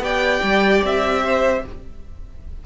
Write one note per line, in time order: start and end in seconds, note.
0.00 0.40 B3
0.00 1.63 G4
0.00 1.24 D5
0.00 0.84 G5
0.43 0.83 G3
0.84 1.64 C4
0.84 1.66 E5
1.25 1.65 C5